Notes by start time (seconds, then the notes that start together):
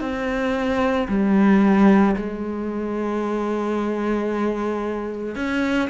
0.00 C4
1.08 G3
2.16 G#3
5.35 C#4